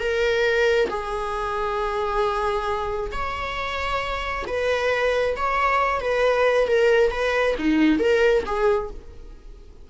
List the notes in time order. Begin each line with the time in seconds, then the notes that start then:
0.00 A#4
0.89 G#4
3.12 C#5
4.47 B4
5.36 C#5
6.01 B4
6.67 A#4
7.11 B4
7.58 D#4
7.99 A#4
8.46 G#4